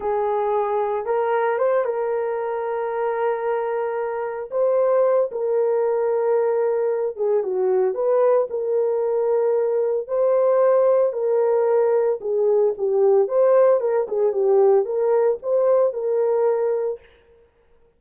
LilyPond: \new Staff \with { instrumentName = "horn" } { \time 4/4 \tempo 4 = 113 gis'2 ais'4 c''8 ais'8~ | ais'1~ | ais'8 c''4. ais'2~ | ais'4. gis'8 fis'4 b'4 |
ais'2. c''4~ | c''4 ais'2 gis'4 | g'4 c''4 ais'8 gis'8 g'4 | ais'4 c''4 ais'2 | }